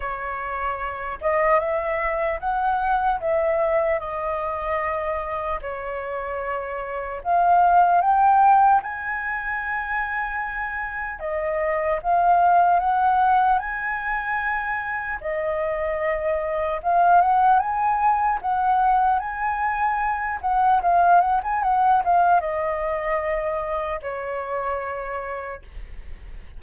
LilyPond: \new Staff \with { instrumentName = "flute" } { \time 4/4 \tempo 4 = 75 cis''4. dis''8 e''4 fis''4 | e''4 dis''2 cis''4~ | cis''4 f''4 g''4 gis''4~ | gis''2 dis''4 f''4 |
fis''4 gis''2 dis''4~ | dis''4 f''8 fis''8 gis''4 fis''4 | gis''4. fis''8 f''8 fis''16 gis''16 fis''8 f''8 | dis''2 cis''2 | }